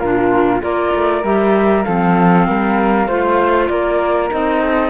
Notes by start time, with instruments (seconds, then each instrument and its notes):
0.00 cello A#2, clarinet D4, flute F4 A#4
0.61 cello A#3, clarinet F4, flute A#4 D5
0.95 cello A3
1.24 cello G3, clarinet G4, flute E5
1.84 cello F3, clarinet C4, flute A4 F5
2.48 cello G3, flute A#4
3.08 cello A3, clarinet F4, flute C5
3.68 cello A#3, flute A#4 D5
4.31 cello C4, clarinet D#4, flute D#5
4.63 flute A4